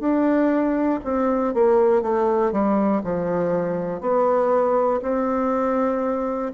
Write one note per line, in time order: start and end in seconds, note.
0.00 1.00 D4
1.04 1.54 C4
1.55 2.02 A#3
2.02 2.52 A3
2.52 3.02 G3
3.04 4.01 F3
4.01 5.01 B3
5.03 6.53 C4